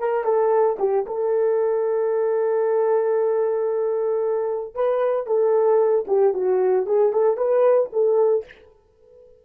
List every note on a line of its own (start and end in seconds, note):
0.00 0.25 A#4
0.25 0.77 A4
0.79 1.06 G4
1.07 4.75 A4
4.75 5.27 B4
5.27 6.06 A4
6.08 6.34 G4
6.34 6.87 F#4
6.87 7.13 G#4
7.13 7.37 A4
7.37 7.90 B4
7.93 8.45 A4